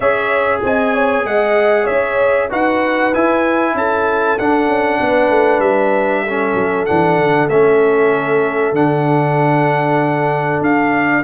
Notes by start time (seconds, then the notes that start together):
0.00 C#4 G#4 C#5 E5
0.63 C4 D#5 G#5
0.94 C#5
1.24 G#3 D#5 F#5
1.84 C#4 C#5 E5
2.49 D#4 F#4 B4 F#5
3.13 E4 G#5
3.74 C#4 A4 A5
4.39 D4 F#5
4.67 C#4
5.00 B3 B4
5.29 A3
5.59 G3 E5
6.23 C#4 A4
6.54 F#3
6.85 E3 D4 F#5
7.17 D3
7.49 A3 C#4 E5
8.72 D3 D4 F#5
10.61 D4 F5